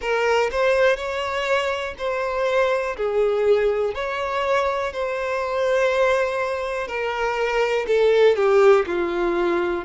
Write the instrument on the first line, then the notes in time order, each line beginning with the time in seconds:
violin
0.00 A#4
0.51 C5
0.96 C#5
1.98 C5
2.96 G#4
3.94 C#5
4.92 C5
6.87 A#4
7.87 A4
8.36 G4
8.86 F4